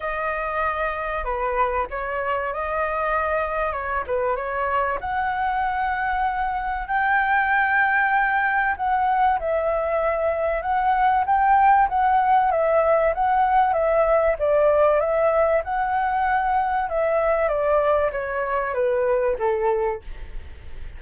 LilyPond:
\new Staff \with { instrumentName = "flute" } { \time 4/4 \tempo 4 = 96 dis''2 b'4 cis''4 | dis''2 cis''8 b'8 cis''4 | fis''2. g''4~ | g''2 fis''4 e''4~ |
e''4 fis''4 g''4 fis''4 | e''4 fis''4 e''4 d''4 | e''4 fis''2 e''4 | d''4 cis''4 b'4 a'4 | }